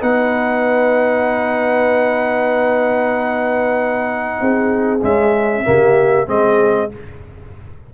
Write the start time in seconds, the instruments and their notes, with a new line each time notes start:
0.00 tuba B3, trombone D#4, horn B4, trumpet F#5
4.40 tuba C4, horn G#4
5.02 trombone G#3, tuba C#4, trumpet E5
5.64 tuba C#3, trombone A#3, horn G4
6.27 tuba G#3, trombone C4, horn G#4, trumpet D#5